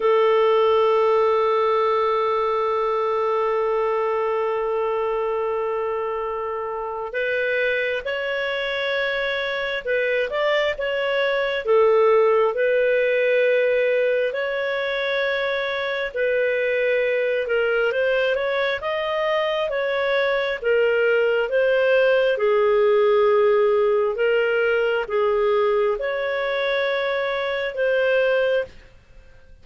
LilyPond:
\new Staff \with { instrumentName = "clarinet" } { \time 4/4 \tempo 4 = 67 a'1~ | a'1 | b'4 cis''2 b'8 d''8 | cis''4 a'4 b'2 |
cis''2 b'4. ais'8 | c''8 cis''8 dis''4 cis''4 ais'4 | c''4 gis'2 ais'4 | gis'4 cis''2 c''4 | }